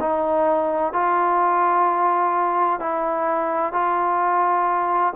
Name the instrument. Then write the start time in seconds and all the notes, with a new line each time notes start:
trombone
0.00 D#4
0.93 F4
2.80 E4
3.72 F4